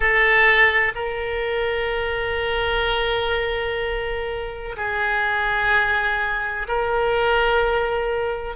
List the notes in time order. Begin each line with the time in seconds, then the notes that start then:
0.00 A4
0.95 A#4
4.76 G#4
6.68 A#4